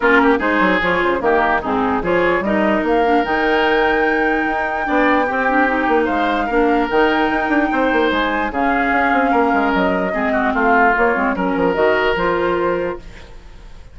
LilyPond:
<<
  \new Staff \with { instrumentName = "flute" } { \time 4/4 \tempo 4 = 148 ais'4 c''4 cis''8 c''8 ais'4 | gis'4 cis''4 dis''4 f''4 | g''1~ | g''2. f''4~ |
f''4 g''2. | gis''4 f''2. | dis''2 f''4 cis''4 | ais'4 dis''4 c''2 | }
  \new Staff \with { instrumentName = "oboe" } { \time 4/4 f'8 g'8 gis'2 g'4 | dis'4 gis'4 ais'2~ | ais'1 | d''4 g'2 c''4 |
ais'2. c''4~ | c''4 gis'2 ais'4~ | ais'4 gis'8 fis'8 f'2 | ais'1 | }
  \new Staff \with { instrumentName = "clarinet" } { \time 4/4 cis'4 dis'4 f'4 ais4 | c'4 f'4 dis'4. d'8 | dis'1 | d'4 c'8 d'8 dis'2 |
d'4 dis'2.~ | dis'4 cis'2.~ | cis'4 c'2 ais8 c'8 | cis'4 fis'4 f'2 | }
  \new Staff \with { instrumentName = "bassoon" } { \time 4/4 ais4 gis8 fis8 f8 cis8 dis4 | gis,4 f4 g4 ais4 | dis2. dis'4 | b4 c'4. ais8 gis4 |
ais4 dis4 dis'8 d'8 c'8 ais8 | gis4 cis4 cis'8 c'8 ais8 gis8 | fis4 gis4 a4 ais8 gis8 | fis8 f8 dis4 f2 | }
>>